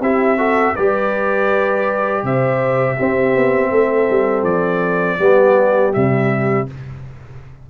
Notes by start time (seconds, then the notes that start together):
0.00 C4 E4 G4 E5
0.38 F#4 A4
0.76 G3 G4 B4 D5
2.23 C3 C5 E5
2.96 C4 G4
3.35 B3
3.71 A3 A4
4.10 G3
4.43 F3 D5
5.18 G3 B3 G4
5.93 C3 G3 E5